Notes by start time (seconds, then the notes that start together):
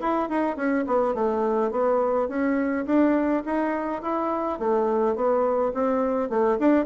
0.00 E4
0.29 D#4
0.56 C#4
0.86 B3
1.14 A3
1.71 B3
2.28 C#4
2.85 D4
3.45 D#4
4.02 E4
4.59 A3
5.15 B3
5.74 C4
6.29 A3
6.59 D4